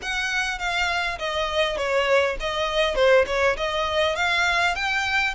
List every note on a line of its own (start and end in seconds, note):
0.02 0.59 F#5
0.59 1.18 F5
1.18 1.77 D#5
1.77 2.36 C#5
2.40 2.95 D#5
2.95 3.25 C5
3.26 3.56 C#5
3.56 4.15 D#5
4.15 4.75 F5
4.75 5.34 G5